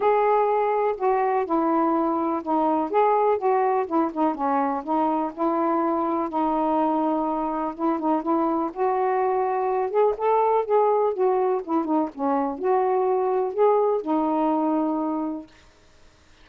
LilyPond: \new Staff \with { instrumentName = "saxophone" } { \time 4/4 \tempo 4 = 124 gis'2 fis'4 e'4~ | e'4 dis'4 gis'4 fis'4 | e'8 dis'8 cis'4 dis'4 e'4~ | e'4 dis'2. |
e'8 dis'8 e'4 fis'2~ | fis'8 gis'8 a'4 gis'4 fis'4 | e'8 dis'8 cis'4 fis'2 | gis'4 dis'2. | }